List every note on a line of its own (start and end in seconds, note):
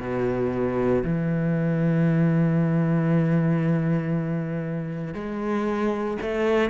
0.00 1.03 B2
1.04 5.14 E3
5.14 6.17 G#3
6.22 6.70 A3